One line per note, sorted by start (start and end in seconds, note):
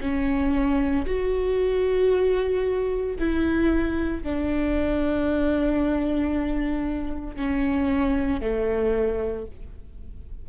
0.00 1.05 C#4
1.06 3.16 F#4
3.19 4.23 E4
4.23 7.36 D4
7.36 8.41 C#4
8.41 9.46 A3